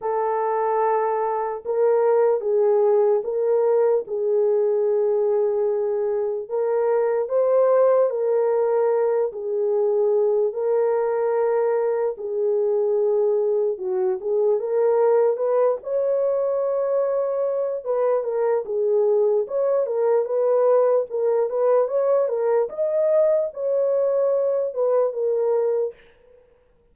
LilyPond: \new Staff \with { instrumentName = "horn" } { \time 4/4 \tempo 4 = 74 a'2 ais'4 gis'4 | ais'4 gis'2. | ais'4 c''4 ais'4. gis'8~ | gis'4 ais'2 gis'4~ |
gis'4 fis'8 gis'8 ais'4 b'8 cis''8~ | cis''2 b'8 ais'8 gis'4 | cis''8 ais'8 b'4 ais'8 b'8 cis''8 ais'8 | dis''4 cis''4. b'8 ais'4 | }